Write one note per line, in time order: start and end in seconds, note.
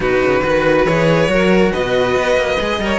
0.00 0.21 B2
0.00 0.40 D#4
0.00 0.43 F#4
0.00 0.85 B4
0.23 0.43 C#3
0.43 0.85 D#3
0.43 0.86 F#4
0.43 1.31 B4
0.85 1.28 E3
0.85 1.27 G#4
0.85 1.72 C#5
1.27 1.71 F#3
1.27 2.57 F#4
1.27 1.71 A#4
1.71 2.16 B2
1.71 2.79 B4
1.71 2.99 D#5
2.16 2.36 B3
2.36 2.57 A#3
2.60 2.78 G#3
2.60 2.81 G#4
2.78 2.99 G3
2.78 2.99 A#4
2.78 2.99 C#5